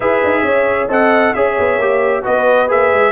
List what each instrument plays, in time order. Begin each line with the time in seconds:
0.00 tuba E4, trombone G#4, horn B4, trumpet E5
0.23 tuba D#4
0.42 tuba C#4, horn C#5
0.88 tuba C4, trombone A4, horn D#5, trumpet F#5
1.34 tuba C#4, trombone G#4, horn C#5, trumpet E5
1.58 tuba B3
1.77 tuba A#3, trombone G4
2.22 tuba B3, trombone F#4, horn B4, trumpet D#5
2.68 tuba A#3, trombone G#4, trumpet E5
2.92 tuba G#3